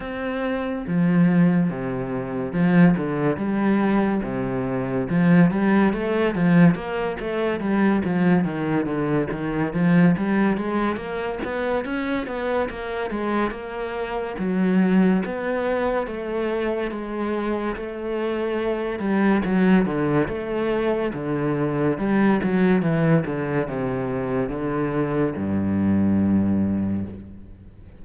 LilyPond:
\new Staff \with { instrumentName = "cello" } { \time 4/4 \tempo 4 = 71 c'4 f4 c4 f8 d8 | g4 c4 f8 g8 a8 f8 | ais8 a8 g8 f8 dis8 d8 dis8 f8 | g8 gis8 ais8 b8 cis'8 b8 ais8 gis8 |
ais4 fis4 b4 a4 | gis4 a4. g8 fis8 d8 | a4 d4 g8 fis8 e8 d8 | c4 d4 g,2 | }